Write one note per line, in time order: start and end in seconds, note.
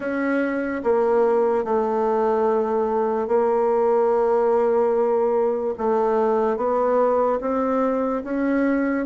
0.00 0.82 C#4
0.83 1.64 A#3
1.64 3.27 A3
3.27 5.74 A#3
5.78 6.56 A3
6.56 7.39 B3
7.40 8.22 C4
8.23 9.06 C#4